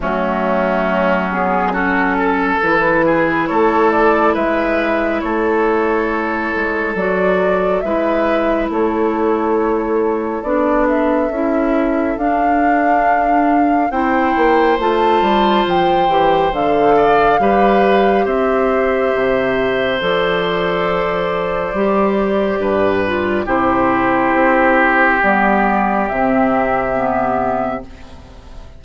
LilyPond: <<
  \new Staff \with { instrumentName = "flute" } { \time 4/4 \tempo 4 = 69 fis'4. gis'8 a'4 b'4 | cis''8 d''8 e''4 cis''2 | d''4 e''4 cis''2 | d''8 e''4. f''2 |
g''4 a''4 g''4 f''4~ | f''4 e''2 d''4~ | d''2. c''4~ | c''4 d''4 e''2 | }
  \new Staff \with { instrumentName = "oboe" } { \time 4/4 cis'2 fis'8 a'4 gis'8 | a'4 b'4 a'2~ | a'4 b'4 a'2~ | a'1 |
c''2.~ c''8 d''8 | b'4 c''2.~ | c''2 b'4 g'4~ | g'1 | }
  \new Staff \with { instrumentName = "clarinet" } { \time 4/4 a4. b8 cis'4 e'4~ | e'1 | fis'4 e'2. | d'4 e'4 d'2 |
e'4 f'4. g'8 a'4 | g'2. a'4~ | a'4 g'4. f'8 e'4~ | e'4 b4 c'4 b4 | }
  \new Staff \with { instrumentName = "bassoon" } { \time 4/4 fis2. e4 | a4 gis4 a4. gis8 | fis4 gis4 a2 | b4 cis'4 d'2 |
c'8 ais8 a8 g8 f8 e8 d4 | g4 c'4 c4 f4~ | f4 g4 g,4 c4 | c'4 g4 c2 | }
>>